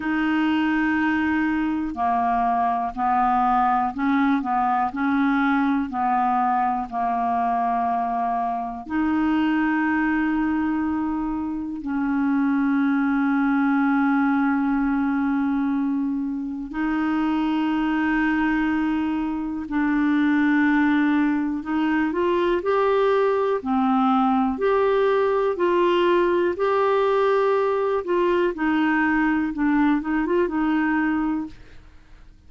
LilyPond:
\new Staff \with { instrumentName = "clarinet" } { \time 4/4 \tempo 4 = 61 dis'2 ais4 b4 | cis'8 b8 cis'4 b4 ais4~ | ais4 dis'2. | cis'1~ |
cis'4 dis'2. | d'2 dis'8 f'8 g'4 | c'4 g'4 f'4 g'4~ | g'8 f'8 dis'4 d'8 dis'16 f'16 dis'4 | }